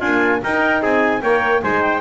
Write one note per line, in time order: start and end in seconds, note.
0.00 0.45 A#3
0.00 0.41 D4
0.00 0.40 F4
0.00 0.40 G#5
0.43 0.82 D#4
0.43 1.22 D#4
0.43 0.82 A#4
0.43 0.83 G5
0.82 1.22 C4
0.82 1.22 G#4
0.82 1.22 G#5
1.22 1.62 A#3
1.22 1.62 A#4
1.22 1.63 C#5
1.22 1.62 G5
1.62 2.01 G#3
1.62 2.01 D#4
1.62 2.01 C5
1.62 1.82 G#5
1.82 2.01 G5